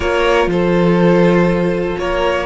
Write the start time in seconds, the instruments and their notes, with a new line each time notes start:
0.00 cello A#3, viola F4, violin A#4 C#5
0.46 cello F3, violin A4 C5
1.98 cello A#3, violin A#4 C#5